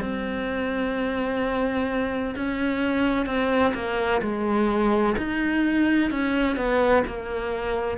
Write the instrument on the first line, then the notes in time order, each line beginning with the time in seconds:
cello
0.00 C4
2.35 C#4
3.26 C4
3.74 A#3
4.21 G#3
5.17 D#4
6.10 C#4
6.56 B3
7.07 A#3